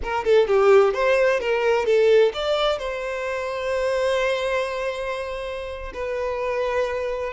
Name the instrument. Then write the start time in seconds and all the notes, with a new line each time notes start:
violin
0.03 A#4
0.24 A4
0.47 G4
0.93 C5
1.40 A#4
1.85 A4
2.33 D5
2.78 C5
5.93 B4